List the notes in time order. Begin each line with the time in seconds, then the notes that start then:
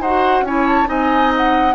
0.00 D#4 F#4 C5 F#5
0.41 C#4 E4 C#5 G#5
0.66 A5
0.86 C4 D#4 D#5 G#5
1.37 F#5